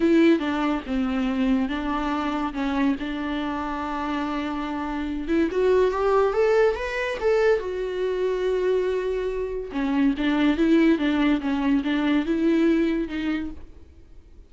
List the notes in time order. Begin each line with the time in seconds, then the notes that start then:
0.00 E4
0.39 D4
0.86 C4
1.68 D4
2.53 C#4
2.99 D4
5.28 E4
5.51 F#4
5.91 G4
6.33 A4
6.75 B4
7.20 A4
7.59 F#4
9.72 C#4
10.17 D4
10.57 E4
10.98 D4
11.40 C#4
11.83 D4
12.25 E4
13.08 D#4